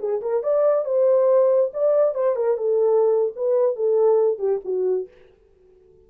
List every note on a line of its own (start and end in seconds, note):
0.00 0.22 G#4
0.22 0.43 A#4
0.43 0.86 D5
0.86 1.72 C5
1.74 2.15 D5
2.15 2.36 C5
2.36 2.58 A#4
2.58 3.33 A4
3.36 3.76 B4
3.76 4.39 A4
4.39 4.61 G4
4.65 5.08 F#4